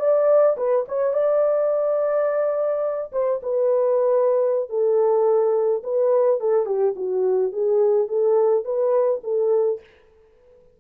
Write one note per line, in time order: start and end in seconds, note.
0.00 0.57 D5
0.57 0.86 B4
0.89 1.14 C#5
1.14 3.12 D5
3.13 3.41 C5
3.43 4.70 B4
4.70 5.83 A4
5.84 6.40 B4
6.40 6.66 A4
6.66 6.94 G4
6.96 7.53 F#4
7.53 8.08 G#4
8.08 8.65 A4
8.65 9.21 B4
9.24 9.80 A4